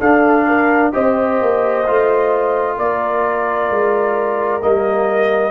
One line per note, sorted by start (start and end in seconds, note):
0.00 0.92 D4
0.00 0.46 A4
0.00 0.93 F5
0.47 0.93 A#4
0.92 1.41 C4
0.92 1.85 G4
0.92 2.77 C5
0.92 2.79 D#5
1.41 1.87 A#3
1.87 2.78 A3
1.87 4.61 F4
2.77 3.70 A#3
2.77 5.51 A#4
2.77 4.62 D5
3.70 4.62 G#3
4.61 5.51 G3
4.61 5.51 A#3
4.61 5.51 D#5